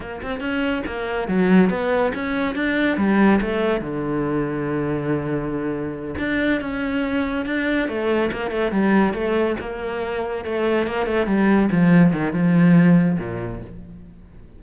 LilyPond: \new Staff \with { instrumentName = "cello" } { \time 4/4 \tempo 4 = 141 ais8 c'8 cis'4 ais4 fis4 | b4 cis'4 d'4 g4 | a4 d2.~ | d2~ d8 d'4 cis'8~ |
cis'4. d'4 a4 ais8 | a8 g4 a4 ais4.~ | ais8 a4 ais8 a8 g4 f8~ | f8 dis8 f2 ais,4 | }